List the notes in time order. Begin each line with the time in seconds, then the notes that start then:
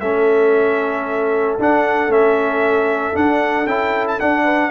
0.00 A3 C#4 A4 E5
1.58 D4 F#5
2.07 A3 C#4 E5
3.13 D4 F#5
3.66 C#4 E4 G5
4.07 A5
4.19 D4 F#5
4.44 B4